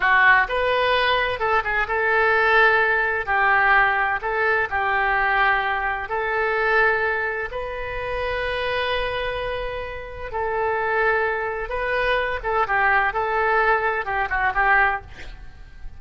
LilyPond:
\new Staff \with { instrumentName = "oboe" } { \time 4/4 \tempo 4 = 128 fis'4 b'2 a'8 gis'8 | a'2. g'4~ | g'4 a'4 g'2~ | g'4 a'2. |
b'1~ | b'2 a'2~ | a'4 b'4. a'8 g'4 | a'2 g'8 fis'8 g'4 | }